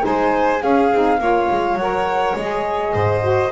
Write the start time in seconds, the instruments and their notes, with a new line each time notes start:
0.00 double bass G#3, saxophone D#4, violin C5, flute G#5
0.60 saxophone C#4, double bass C#4, violin G#4, flute F5
0.92 double bass C4, saxophone D#4
1.19 double bass A#3, saxophone F4, violin C#5
1.50 double bass G#3
1.74 double bass F#3, saxophone A#4, flute F#5
2.36 double bass G#3, saxophone G#4, flute D#5
2.94 double bass G#2, violin C5
3.21 saxophone F#4